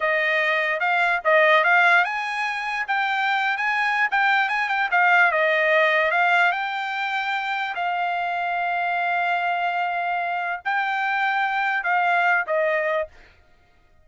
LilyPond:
\new Staff \with { instrumentName = "trumpet" } { \time 4/4 \tempo 4 = 147 dis''2 f''4 dis''4 | f''4 gis''2 g''4~ | g''8. gis''4~ gis''16 g''4 gis''8 g''8 | f''4 dis''2 f''4 |
g''2. f''4~ | f''1~ | f''2 g''2~ | g''4 f''4. dis''4. | }